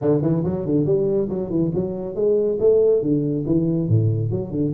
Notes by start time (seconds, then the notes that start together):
0.01 D3
0.21 E3
0.44 F#3
0.65 D3
0.85 G3
1.29 F#3
1.50 E3
1.74 F#3
2.15 G#3
2.60 A3
3.02 D3
3.46 E3
3.88 A2
4.30 F#3
4.51 D3